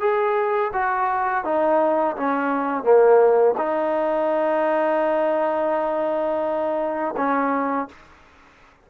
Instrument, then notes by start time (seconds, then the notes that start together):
trombone
0.00 G#4
0.73 F#4
1.44 D#4
2.17 C#4
2.83 A#3
3.57 D#4
7.17 C#4